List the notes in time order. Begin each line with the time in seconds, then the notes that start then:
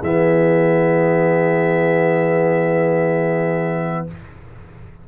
0.00 E3 B3 G#4 E5